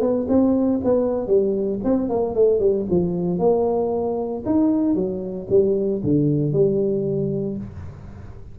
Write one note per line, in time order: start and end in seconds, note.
0.00 0.26 B3
0.28 0.80 C4
0.84 1.27 B3
1.27 1.79 G3
1.84 2.09 C4
2.09 2.35 A#3
2.35 2.59 A3
2.59 2.85 G3
2.90 3.39 F3
3.39 4.43 A#3
4.45 4.95 D#4
4.95 5.47 F#3
5.49 6.01 G3
6.03 6.52 D3
6.52 7.57 G3